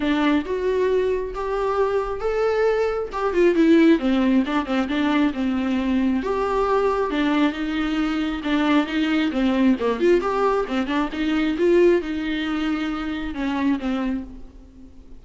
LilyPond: \new Staff \with { instrumentName = "viola" } { \time 4/4 \tempo 4 = 135 d'4 fis'2 g'4~ | g'4 a'2 g'8 f'8 | e'4 c'4 d'8 c'8 d'4 | c'2 g'2 |
d'4 dis'2 d'4 | dis'4 c'4 ais8 f'8 g'4 | c'8 d'8 dis'4 f'4 dis'4~ | dis'2 cis'4 c'4 | }